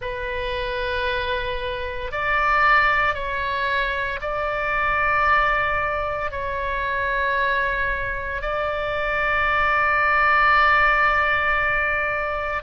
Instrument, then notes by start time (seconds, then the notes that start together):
oboe
0.00 B4
2.11 D5
3.14 C#5
4.21 D5
6.31 C#5
8.41 D5